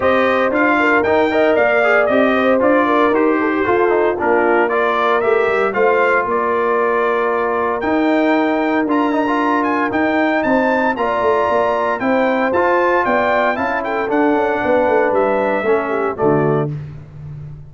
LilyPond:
<<
  \new Staff \with { instrumentName = "trumpet" } { \time 4/4 \tempo 4 = 115 dis''4 f''4 g''4 f''4 | dis''4 d''4 c''2 | ais'4 d''4 e''4 f''4 | d''2. g''4~ |
g''4 ais''4. gis''8 g''4 | a''4 ais''2 g''4 | a''4 g''4 a''8 g''8 fis''4~ | fis''4 e''2 d''4 | }
  \new Staff \with { instrumentName = "horn" } { \time 4/4 c''4. ais'4 dis''8 d''4~ | d''8 c''4 ais'4 a'16 g'16 a'4 | f'4 ais'2 c''4 | ais'1~ |
ais'1 | c''4 d''2 c''4~ | c''4 d''4 f''8 a'4. | b'2 a'8 g'8 fis'4 | }
  \new Staff \with { instrumentName = "trombone" } { \time 4/4 g'4 f'4 dis'8 ais'4 gis'8 | g'4 f'4 g'4 f'8 dis'8 | d'4 f'4 g'4 f'4~ | f'2. dis'4~ |
dis'4 f'8 dis'16 f'4~ f'16 dis'4~ | dis'4 f'2 e'4 | f'2 e'4 d'4~ | d'2 cis'4 a4 | }
  \new Staff \with { instrumentName = "tuba" } { \time 4/4 c'4 d'4 dis'4 ais4 | c'4 d'4 dis'4 f'4 | ais2 a8 g8 a4 | ais2. dis'4~ |
dis'4 d'2 dis'4 | c'4 ais8 a8 ais4 c'4 | f'4 b4 cis'4 d'8 cis'8 | b8 a8 g4 a4 d4 | }
>>